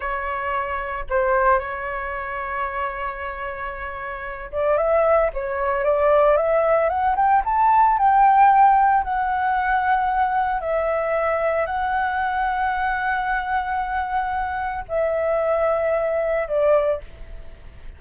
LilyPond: \new Staff \with { instrumentName = "flute" } { \time 4/4 \tempo 4 = 113 cis''2 c''4 cis''4~ | cis''1~ | cis''8 d''8 e''4 cis''4 d''4 | e''4 fis''8 g''8 a''4 g''4~ |
g''4 fis''2. | e''2 fis''2~ | fis''1 | e''2. d''4 | }